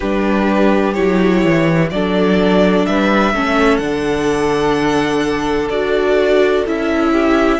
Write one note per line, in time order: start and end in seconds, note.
0.00 0.97 G3
0.00 0.95 D4
0.00 1.89 G4
0.00 0.93 B4
0.93 1.44 F#3
0.93 1.90 E4
0.93 1.88 C#5
1.44 1.91 E3
1.90 2.86 F#3
1.90 3.34 D4
1.90 2.88 A4
1.90 2.85 D5
2.85 3.33 G3
2.85 3.34 B4
2.85 3.77 E5
3.33 3.79 A3
3.33 3.80 C#4
3.33 7.11 A4
3.77 5.68 D3
3.77 5.71 D4
3.77 5.67 F#5
5.68 6.64 D4
5.68 6.65 F#4
5.68 6.64 D5
6.65 7.59 C#4
6.65 7.59 E4
6.65 7.59 E5
7.11 7.59 G4